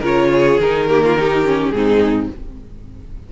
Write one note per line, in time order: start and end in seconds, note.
0.00 0.58 C#3
0.00 0.60 F4
0.00 0.28 A#4
0.06 0.60 C#5
0.33 0.89 G#4
0.59 1.72 D#3
0.59 0.89 D#4
0.59 1.70 A#4
0.89 1.18 A#3
0.89 1.04 G4
1.04 1.18 F4
1.18 1.45 D#4
1.18 1.76 G4
1.45 1.74 C#4
1.70 2.29 G#2
1.70 2.30 C4
1.70 2.26 G#4
1.76 2.33 D#4